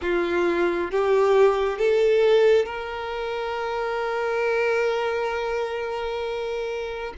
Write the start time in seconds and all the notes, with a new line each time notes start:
0.01 F4
0.91 G4
1.78 A4
2.65 A#4